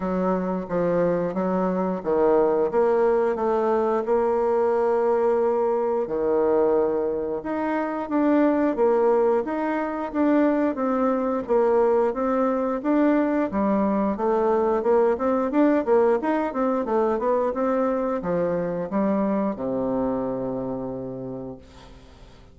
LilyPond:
\new Staff \with { instrumentName = "bassoon" } { \time 4/4 \tempo 4 = 89 fis4 f4 fis4 dis4 | ais4 a4 ais2~ | ais4 dis2 dis'4 | d'4 ais4 dis'4 d'4 |
c'4 ais4 c'4 d'4 | g4 a4 ais8 c'8 d'8 ais8 | dis'8 c'8 a8 b8 c'4 f4 | g4 c2. | }